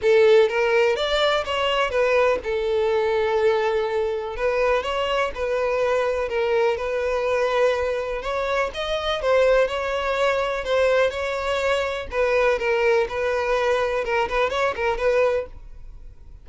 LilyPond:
\new Staff \with { instrumentName = "violin" } { \time 4/4 \tempo 4 = 124 a'4 ais'4 d''4 cis''4 | b'4 a'2.~ | a'4 b'4 cis''4 b'4~ | b'4 ais'4 b'2~ |
b'4 cis''4 dis''4 c''4 | cis''2 c''4 cis''4~ | cis''4 b'4 ais'4 b'4~ | b'4 ais'8 b'8 cis''8 ais'8 b'4 | }